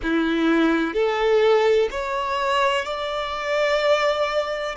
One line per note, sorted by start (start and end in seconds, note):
0.03 0.93 E4
0.93 1.88 A4
1.90 2.85 C#5
2.85 4.75 D5